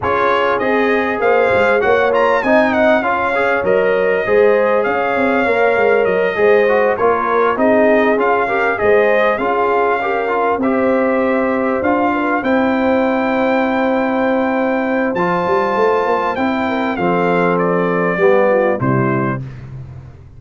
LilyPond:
<<
  \new Staff \with { instrumentName = "trumpet" } { \time 4/4 \tempo 4 = 99 cis''4 dis''4 f''4 fis''8 ais''8 | gis''8 fis''8 f''4 dis''2 | f''2 dis''4. cis''8~ | cis''8 dis''4 f''4 dis''4 f''8~ |
f''4. e''2 f''8~ | f''8 g''2.~ g''8~ | g''4 a''2 g''4 | f''4 d''2 c''4 | }
  \new Staff \with { instrumentName = "horn" } { \time 4/4 gis'2 c''4 cis''4 | dis''4 cis''2 c''4 | cis''2~ cis''8 c''4 ais'8~ | ais'8 gis'4. ais'8 c''4 gis'8~ |
gis'8 ais'4 c''2~ c''8 | b'8 c''2.~ c''8~ | c''2.~ c''8 ais'8 | a'2 g'8 f'8 e'4 | }
  \new Staff \with { instrumentName = "trombone" } { \time 4/4 f'4 gis'2 fis'8 f'8 | dis'4 f'8 gis'8 ais'4 gis'4~ | gis'4 ais'4. gis'8 fis'8 f'8~ | f'8 dis'4 f'8 g'8 gis'4 f'8~ |
f'8 g'8 f'8 g'2 f'8~ | f'8 e'2.~ e'8~ | e'4 f'2 e'4 | c'2 b4 g4 | }
  \new Staff \with { instrumentName = "tuba" } { \time 4/4 cis'4 c'4 ais8 gis8 ais4 | c'4 cis'4 fis4 gis4 | cis'8 c'8 ais8 gis8 fis8 gis4 ais8~ | ais8 c'4 cis'4 gis4 cis'8~ |
cis'4. c'2 d'8~ | d'8 c'2.~ c'8~ | c'4 f8 g8 a8 ais8 c'4 | f2 g4 c4 | }
>>